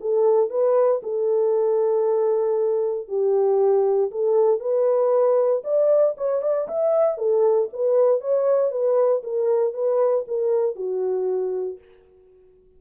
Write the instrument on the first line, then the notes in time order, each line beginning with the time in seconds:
horn
0.00 A4
0.50 B4
1.03 A4
3.08 G4
4.11 A4
4.60 B4
5.64 D5
6.17 C#5
6.42 D5
6.68 E5
7.17 A4
7.73 B4
8.21 C#5
8.71 B4
9.23 A#4
9.74 B4
10.28 A#4
10.76 F#4